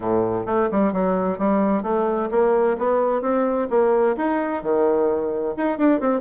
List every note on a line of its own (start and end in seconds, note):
0.00 0.46 A2
0.46 0.69 A3
0.71 0.92 G3
0.92 1.38 F#3
1.38 1.83 G3
1.83 2.29 A3
2.31 2.77 A#3
2.77 3.21 B3
3.21 3.67 C4
3.70 4.16 A#3
4.16 4.62 D#4
4.62 5.54 D#3
5.57 5.78 D#4
5.78 6.00 D4
6.00 6.20 C4